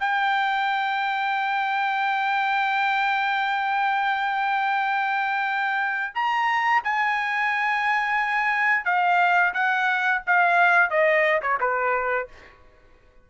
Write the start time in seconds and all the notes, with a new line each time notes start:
0.00 G5
6.15 A#5
6.84 G#5
8.85 F5
9.54 F#5
10.27 F5
10.91 D#5
11.42 C#5
11.60 B4